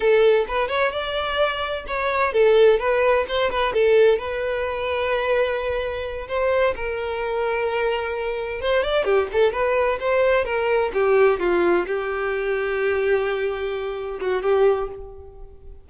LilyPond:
\new Staff \with { instrumentName = "violin" } { \time 4/4 \tempo 4 = 129 a'4 b'8 cis''8 d''2 | cis''4 a'4 b'4 c''8 b'8 | a'4 b'2.~ | b'4. c''4 ais'4.~ |
ais'2~ ais'8 c''8 d''8 g'8 | a'8 b'4 c''4 ais'4 g'8~ | g'8 f'4 g'2~ g'8~ | g'2~ g'8 fis'8 g'4 | }